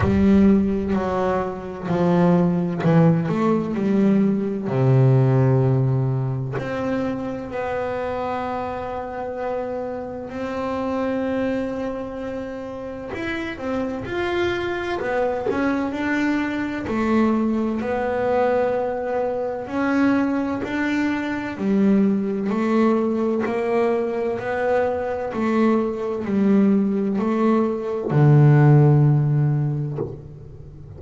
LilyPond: \new Staff \with { instrumentName = "double bass" } { \time 4/4 \tempo 4 = 64 g4 fis4 f4 e8 a8 | g4 c2 c'4 | b2. c'4~ | c'2 e'8 c'8 f'4 |
b8 cis'8 d'4 a4 b4~ | b4 cis'4 d'4 g4 | a4 ais4 b4 a4 | g4 a4 d2 | }